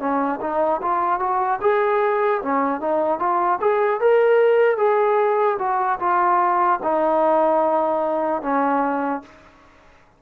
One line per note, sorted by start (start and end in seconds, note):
0.00 0.40 C#4
0.41 0.81 D#4
0.83 1.20 F4
1.20 1.60 F#4
1.61 2.41 G#4
2.43 2.81 C#4
2.81 3.20 D#4
3.20 3.60 F4
3.61 4.01 G#4
4.01 4.78 A#4
4.78 5.58 G#4
5.59 5.99 F#4
6.00 6.80 F4
6.83 8.42 D#4
8.42 9.22 C#4